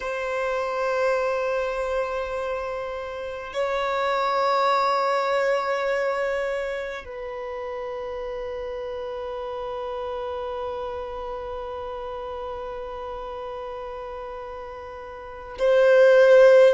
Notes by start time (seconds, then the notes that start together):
0.00 C5
3.53 C#5
7.04 B4
15.58 C5